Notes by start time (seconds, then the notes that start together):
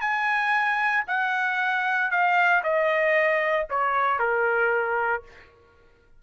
0.00 G#5
1.07 F#5
2.11 F5
2.63 D#5
3.69 C#5
4.19 A#4